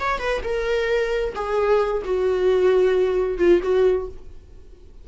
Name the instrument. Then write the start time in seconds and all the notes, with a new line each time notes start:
viola
0.00 C#5
0.19 B4
0.44 A#4
1.35 G#4
2.05 F#4
3.39 F4
3.63 F#4